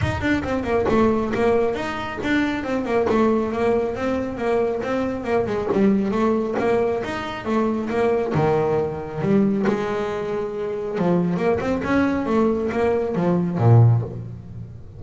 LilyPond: \new Staff \with { instrumentName = "double bass" } { \time 4/4 \tempo 4 = 137 dis'8 d'8 c'8 ais8 a4 ais4 | dis'4 d'4 c'8 ais8 a4 | ais4 c'4 ais4 c'4 | ais8 gis8 g4 a4 ais4 |
dis'4 a4 ais4 dis4~ | dis4 g4 gis2~ | gis4 f4 ais8 c'8 cis'4 | a4 ais4 f4 ais,4 | }